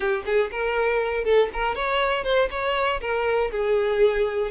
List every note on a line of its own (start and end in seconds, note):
0.00 0.23 G4
0.25 0.50 G#4
0.51 1.24 A#4
1.24 1.49 A4
1.52 1.75 A#4
1.75 2.24 C#5
2.24 2.49 C5
2.50 3.00 C#5
3.00 3.50 A#4
3.51 4.50 G#4